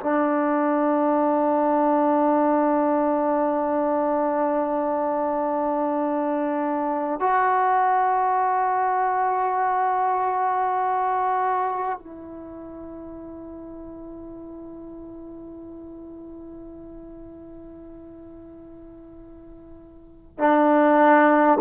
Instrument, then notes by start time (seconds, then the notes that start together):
trombone
0.00 D4
7.21 F#4
11.98 E4
20.38 D4